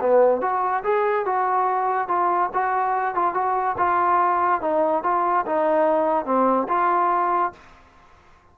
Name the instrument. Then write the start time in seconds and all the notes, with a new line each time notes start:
trombone
0.00 B3
0.41 F#4
0.83 G#4
1.25 F#4
2.08 F4
2.53 F#4
3.14 F4
3.34 F#4
3.77 F4
4.61 D#4
5.03 F4
5.46 D#4
6.25 C4
6.68 F4